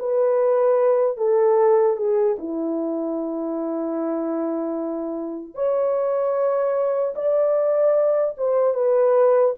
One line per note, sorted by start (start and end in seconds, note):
0.00 1.17 B4
1.17 1.97 A4
1.97 2.37 G#4
2.39 5.55 E4
5.55 7.15 C#5
7.16 8.36 D5
8.38 8.75 C5
8.75 9.55 B4